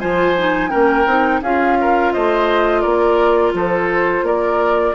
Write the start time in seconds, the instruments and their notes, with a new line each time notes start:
0.00 bassoon F3, clarinet F4, oboe C5, flute G#5
0.38 clarinet D#4
0.70 bassoon A#3, clarinet C#4, oboe A#4, flute G5
1.06 bassoon C4, clarinet D#4
1.42 bassoon C#4, clarinet F4, oboe G#4, flute F5
1.81 oboe A#4
2.13 bassoon A3, oboe C5, flute D#5
2.81 bassoon A#3, oboe A#4, flute D5
3.53 bassoon F3, oboe A4, flute C5
4.23 bassoon A#3, oboe A#4, flute D5